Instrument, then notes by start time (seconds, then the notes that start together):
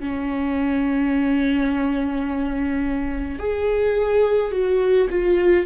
viola
0.00 C#4
3.39 G#4
4.52 F#4
5.10 F4